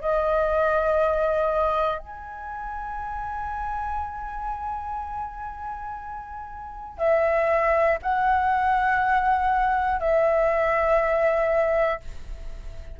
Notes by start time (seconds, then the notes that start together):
0.00 D#5
1.99 G#5
6.98 E5
8.02 F#5
10.00 E5